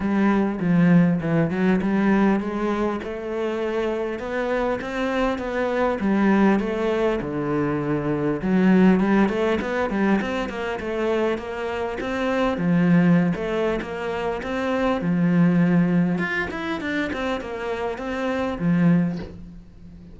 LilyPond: \new Staff \with { instrumentName = "cello" } { \time 4/4 \tempo 4 = 100 g4 f4 e8 fis8 g4 | gis4 a2 b4 | c'4 b4 g4 a4 | d2 fis4 g8 a8 |
b8 g8 c'8 ais8 a4 ais4 | c'4 f4~ f16 a8. ais4 | c'4 f2 f'8 e'8 | d'8 c'8 ais4 c'4 f4 | }